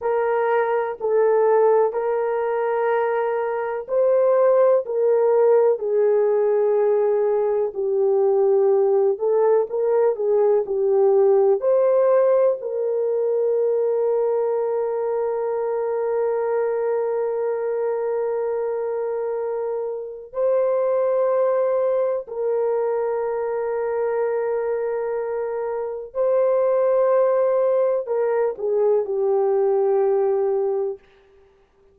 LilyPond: \new Staff \with { instrumentName = "horn" } { \time 4/4 \tempo 4 = 62 ais'4 a'4 ais'2 | c''4 ais'4 gis'2 | g'4. a'8 ais'8 gis'8 g'4 | c''4 ais'2.~ |
ais'1~ | ais'4 c''2 ais'4~ | ais'2. c''4~ | c''4 ais'8 gis'8 g'2 | }